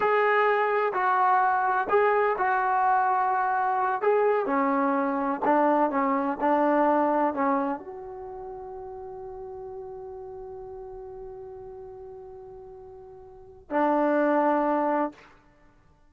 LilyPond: \new Staff \with { instrumentName = "trombone" } { \time 4/4 \tempo 4 = 127 gis'2 fis'2 | gis'4 fis'2.~ | fis'8 gis'4 cis'2 d'8~ | d'8 cis'4 d'2 cis'8~ |
cis'8 fis'2.~ fis'8~ | fis'1~ | fis'1~ | fis'4 d'2. | }